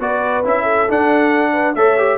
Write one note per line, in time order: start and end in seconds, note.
0.00 0.44 B3
0.00 0.44 F#4
0.00 0.63 B4
0.00 0.45 D5
0.45 0.89 C#4
0.45 0.89 E4
0.45 0.91 E5
0.63 1.51 A4
0.89 1.77 D4
0.89 1.76 D4
0.89 1.75 F#5
1.53 1.75 B4
1.75 2.18 A3
1.75 1.98 A4
1.75 2.18 C#5
1.75 2.18 E5
1.98 2.18 G4